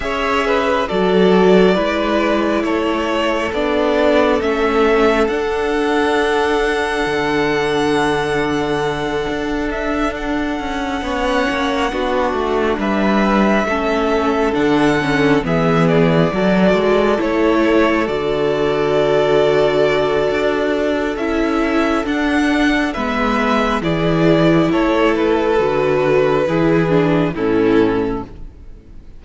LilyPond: <<
  \new Staff \with { instrumentName = "violin" } { \time 4/4 \tempo 4 = 68 e''4 d''2 cis''4 | d''4 e''4 fis''2~ | fis''2. e''8 fis''8~ | fis''2~ fis''8 e''4.~ |
e''8 fis''4 e''8 d''4. cis''8~ | cis''8 d''2.~ d''8 | e''4 fis''4 e''4 d''4 | cis''8 b'2~ b'8 a'4 | }
  \new Staff \with { instrumentName = "violin" } { \time 4/4 cis''8 b'8 a'4 b'4 a'4~ | a'1~ | a'1~ | a'8 cis''4 fis'4 b'4 a'8~ |
a'4. gis'4 a'4.~ | a'1~ | a'2 b'4 gis'4 | a'2 gis'4 e'4 | }
  \new Staff \with { instrumentName = "viola" } { \time 4/4 gis'4 fis'4 e'2 | d'4 cis'4 d'2~ | d'1~ | d'8 cis'4 d'2 cis'8~ |
cis'8 d'8 cis'8 b4 fis'4 e'8~ | e'8 fis'2.~ fis'8 | e'4 d'4 b4 e'4~ | e'4 fis'4 e'8 d'8 cis'4 | }
  \new Staff \with { instrumentName = "cello" } { \time 4/4 cis'4 fis4 gis4 a4 | b4 a4 d'2 | d2~ d8 d'4. | cis'8 b8 ais8 b8 a8 g4 a8~ |
a8 d4 e4 fis8 gis8 a8~ | a8 d2~ d8 d'4 | cis'4 d'4 gis4 e4 | a4 d4 e4 a,4 | }
>>